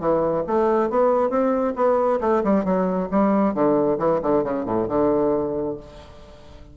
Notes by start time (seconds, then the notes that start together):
0.00 E3
0.48 A3
0.90 B3
1.30 C4
1.76 B3
2.21 A3
2.44 G3
2.65 F#3
3.11 G3
3.54 D3
3.99 E3
4.23 D3
4.44 C#3
4.66 A2
4.89 D3